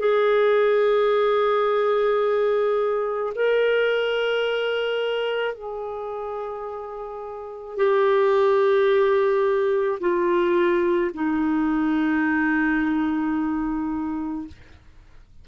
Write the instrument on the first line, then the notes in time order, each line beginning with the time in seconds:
clarinet
0.00 G#4
3.35 A#4
5.55 G#4
7.77 G4
10.01 F4
11.15 D#4